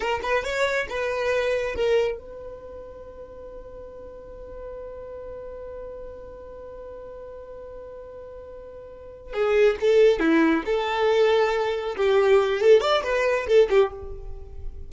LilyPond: \new Staff \with { instrumentName = "violin" } { \time 4/4 \tempo 4 = 138 ais'8 b'8 cis''4 b'2 | ais'4 b'2.~ | b'1~ | b'1~ |
b'1~ | b'4. gis'4 a'4 e'8~ | e'8 a'2. g'8~ | g'4 a'8 d''8 b'4 a'8 g'8 | }